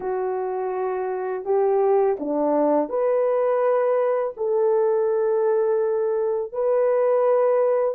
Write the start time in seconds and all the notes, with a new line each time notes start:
0.00 F#4
1.44 G4
2.19 D4
2.89 B4
4.37 A4
6.52 B4